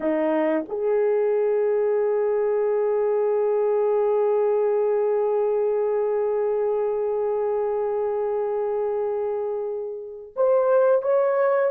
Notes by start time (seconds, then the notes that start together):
0.00 D#4
0.68 G#4
10.36 C5
11.02 C#5